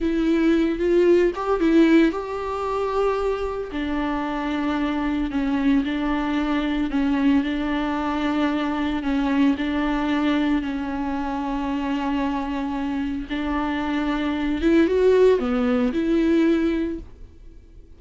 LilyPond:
\new Staff \with { instrumentName = "viola" } { \time 4/4 \tempo 4 = 113 e'4. f'4 g'8 e'4 | g'2. d'4~ | d'2 cis'4 d'4~ | d'4 cis'4 d'2~ |
d'4 cis'4 d'2 | cis'1~ | cis'4 d'2~ d'8 e'8 | fis'4 b4 e'2 | }